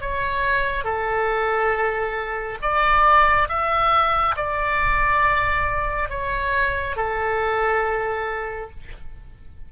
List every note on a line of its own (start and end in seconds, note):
0.00 0.84 C#5
0.84 2.58 A4
2.61 3.48 D5
3.48 4.35 E5
4.36 6.09 D5
6.09 6.96 C#5
6.96 8.70 A4